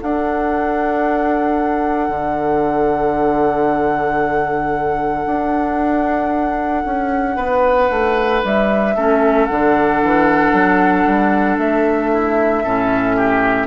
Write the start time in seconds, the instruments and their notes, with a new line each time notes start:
0.00 clarinet D4, bassoon D4, oboe A4, flute F#5
2.09 bassoon D3
5.26 bassoon D4
6.85 bassoon C#4
7.37 bassoon B3, oboe B4
7.90 bassoon A3
8.44 bassoon G3, flute E5
8.95 bassoon A3, clarinet C#4, oboe A4
9.46 bassoon D3, clarinet D4, flute F#5
10.03 bassoon E3
10.53 bassoon F#3
11.06 bassoon G3
11.58 bassoon A3, flute E5
12.12 oboe E4
12.63 bassoon A2, clarinet C#4, oboe A4
13.16 oboe G4